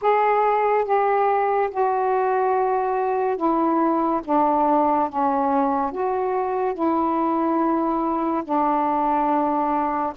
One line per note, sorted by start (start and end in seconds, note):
0.01 0.85 G#4
0.85 1.69 G4
1.71 3.36 F#4
3.36 4.21 E4
4.24 5.09 D4
5.09 5.92 C#4
5.92 6.74 F#4
6.74 8.43 E4
8.44 10.13 D4